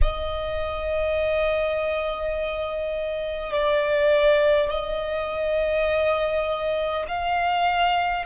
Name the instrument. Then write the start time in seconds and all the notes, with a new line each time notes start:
violin
0.01 D#5
3.52 D5
4.70 D#5
7.07 F5